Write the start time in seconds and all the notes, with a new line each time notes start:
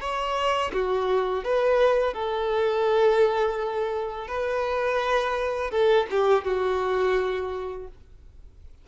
0.00 C#5
0.72 F#4
1.44 B4
2.13 A4
4.27 B4
5.70 A4
6.10 G4
6.44 F#4